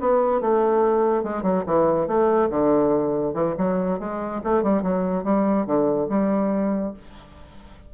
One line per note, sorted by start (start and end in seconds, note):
0.00 0.41 B3
0.41 1.23 A3
1.23 1.42 G#3
1.42 1.63 F#3
1.66 2.07 E3
2.07 2.49 A3
2.49 3.33 D3
3.33 3.55 E3
3.57 3.99 F#3
3.99 4.41 G#3
4.43 4.63 A3
4.63 4.82 G3
4.82 5.23 F#3
5.23 5.66 G3
5.66 6.08 D3
6.09 6.93 G3